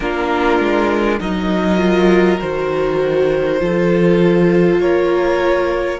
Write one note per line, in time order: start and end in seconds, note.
0.00 0.59 A#3
0.00 1.20 D4
0.00 1.19 F4
0.00 1.19 A#4
0.59 1.19 G#3
1.19 2.40 F#3
1.19 1.78 D#4
1.19 3.59 A#4
1.19 2.40 D#5
1.78 2.38 F4
2.40 3.60 D#3
2.40 3.59 F#4
2.40 4.80 C5
3.59 4.79 F3
3.59 5.99 F4
3.59 4.80 A4
4.79 5.99 A#3
4.79 5.99 A#4
4.79 5.99 C#5